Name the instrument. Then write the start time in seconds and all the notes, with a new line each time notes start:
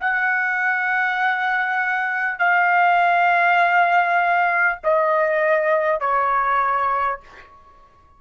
trumpet
0.00 F#5
2.38 F5
4.83 D#5
6.00 C#5